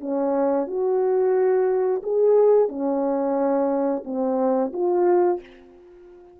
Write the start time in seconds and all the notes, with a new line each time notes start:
0.00 C#4
0.66 F#4
2.03 G#4
2.68 C#4
4.04 C4
4.73 F4